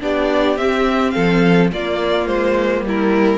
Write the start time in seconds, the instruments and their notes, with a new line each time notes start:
0.00 cello B3, viola D4, violin G4 D5
0.56 cello C4, viola C4, violin E5
1.11 cello F3, violin A4 F5
1.72 cello A#3, viola A#3, violin F4 D5
2.26 cello G#3, violin C5
2.81 cello G3, violin E4
2.88 violin A#4